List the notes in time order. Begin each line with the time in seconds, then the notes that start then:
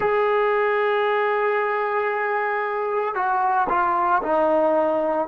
0.00 G#4
3.14 F#4
3.69 F4
4.22 D#4